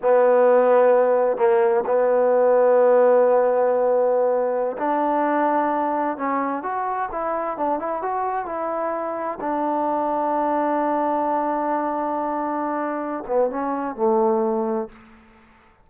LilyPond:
\new Staff \with { instrumentName = "trombone" } { \time 4/4 \tempo 4 = 129 b2. ais4 | b1~ | b2~ b16 d'4.~ d'16~ | d'4~ d'16 cis'4 fis'4 e'8.~ |
e'16 d'8 e'8 fis'4 e'4.~ e'16~ | e'16 d'2.~ d'8.~ | d'1~ | d'8 b8 cis'4 a2 | }